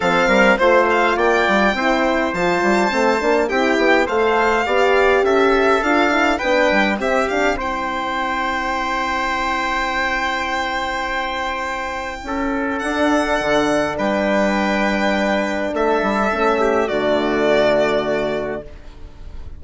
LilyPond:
<<
  \new Staff \with { instrumentName = "violin" } { \time 4/4 \tempo 4 = 103 f''4 c''8 f''8 g''2 | a''2 g''4 f''4~ | f''4 e''4 f''4 g''4 | e''8 f''8 g''2.~ |
g''1~ | g''2 fis''2 | g''2. e''4~ | e''4 d''2. | }
  \new Staff \with { instrumentName = "trumpet" } { \time 4/4 a'8 ais'8 c''4 d''4 c''4~ | c''2 g'4 c''4 | d''4 a'2 b'4 | g'4 c''2.~ |
c''1~ | c''4 a'2. | b'2. a'4~ | a'8 g'8 fis'2. | }
  \new Staff \with { instrumentName = "horn" } { \time 4/4 c'4 f'2 e'4 | f'4 c'8 d'8 e'4 a'4 | g'2 f'8 e'8 d'4 | c'8 d'8 e'2.~ |
e'1~ | e'2 d'2~ | d'1 | cis'4 a2. | }
  \new Staff \with { instrumentName = "bassoon" } { \time 4/4 f8 g8 a4 ais8 g8 c'4 | f8 g8 a8 ais8 c'8 b8 a4 | b4 cis'4 d'4 b8 g8 | c'1~ |
c'1~ | c'4 cis'4 d'4 d4 | g2. a8 g8 | a4 d2. | }
>>